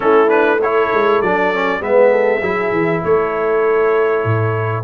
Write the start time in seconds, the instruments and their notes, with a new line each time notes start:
0.00 tuba A3, trombone C#4, horn E4, trumpet A4
0.27 trombone D4, trumpet B4
0.61 trombone E4, horn A4, trumpet C#5
0.93 tuba G#3
1.21 tuba F#3, trombone D4, trumpet D5
1.53 trombone C#4
1.80 tuba G#3, trombone B3, horn B4, trumpet E5
2.11 horn A4
2.41 tuba F#3, trombone E4, horn G#4
2.71 tuba E3
3.04 tuba A3, horn A4, trumpet C#5
4.24 tuba A2